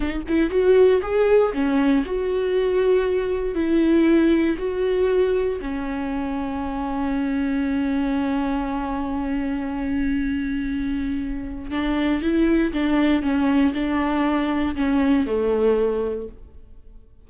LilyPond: \new Staff \with { instrumentName = "viola" } { \time 4/4 \tempo 4 = 118 dis'8 e'8 fis'4 gis'4 cis'4 | fis'2. e'4~ | e'4 fis'2 cis'4~ | cis'1~ |
cis'1~ | cis'2. d'4 | e'4 d'4 cis'4 d'4~ | d'4 cis'4 a2 | }